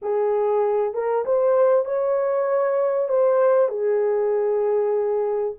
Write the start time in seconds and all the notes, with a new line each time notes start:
0.01 G#4
0.94 A#4
1.25 C5
1.85 C#5
3.08 C5
3.69 G#4